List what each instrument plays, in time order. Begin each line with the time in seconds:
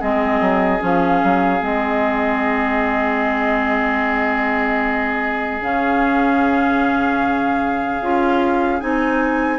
0.00 bassoon G#3, clarinet C4, oboe G#4, flute D#5
0.41 bassoon F#3
0.80 bassoon F3, clarinet C#4, flute F5
1.23 bassoon F#3
1.61 bassoon G#3, clarinet C4, flute D#5
5.61 bassoon C#3, clarinet C#4, flute F5
8.01 bassoon C#4, clarinet F4
8.80 bassoon C4, clarinet D#4, flute G#5